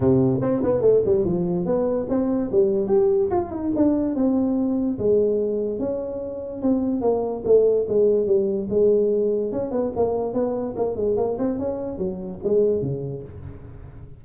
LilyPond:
\new Staff \with { instrumentName = "tuba" } { \time 4/4 \tempo 4 = 145 c4 c'8 b8 a8 g8 f4 | b4 c'4 g4 g'4 | f'8 dis'8 d'4 c'2 | gis2 cis'2 |
c'4 ais4 a4 gis4 | g4 gis2 cis'8 b8 | ais4 b4 ais8 gis8 ais8 c'8 | cis'4 fis4 gis4 cis4 | }